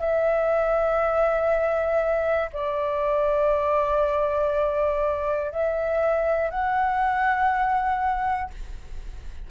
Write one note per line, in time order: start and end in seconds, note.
0.00 2.50 E5
2.52 5.51 D5
5.51 6.50 E5
6.50 8.50 F#5